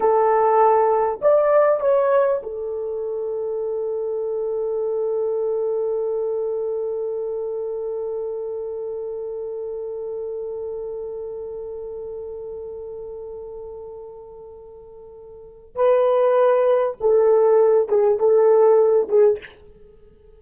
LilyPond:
\new Staff \with { instrumentName = "horn" } { \time 4/4 \tempo 4 = 99 a'2 d''4 cis''4 | a'1~ | a'1~ | a'1~ |
a'1~ | a'1~ | a'2 b'2 | a'4. gis'8 a'4. gis'8 | }